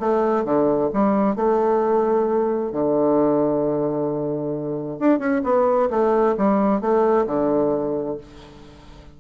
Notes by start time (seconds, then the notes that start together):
0.00 A3
0.45 D3
0.93 G3
1.36 A3
2.72 D3
5.00 D4
5.19 C#4
5.44 B3
5.90 A3
6.38 G3
6.81 A3
7.27 D3